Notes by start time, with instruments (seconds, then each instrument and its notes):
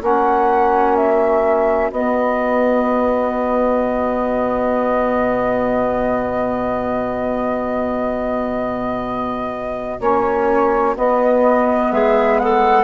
0.00 bassoon A#3, saxophone C#4, clarinet F#4, flute F#5
0.96 flute E5
1.91 saxophone B3, bassoon B3, flute D#5
3.82 bassoon B2
10.00 bassoon A#3, saxophone C#4, flute C#5
10.96 saxophone B3, bassoon B3, flute D#5
11.92 bassoon G#3, clarinet G#4, flute E5
12.40 clarinet A4, flute F#5